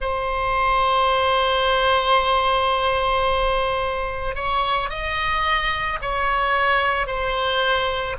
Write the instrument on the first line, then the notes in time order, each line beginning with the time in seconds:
oboe
0.00 C5
4.35 C#5
4.89 D#5
6.01 C#5
7.06 C5